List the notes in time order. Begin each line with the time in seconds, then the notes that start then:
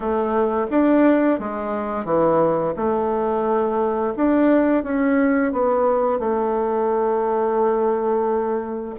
0.00 A3
0.70 D4
1.39 G#3
2.04 E3
2.76 A3
4.16 D4
4.83 C#4
5.52 B3
6.19 A3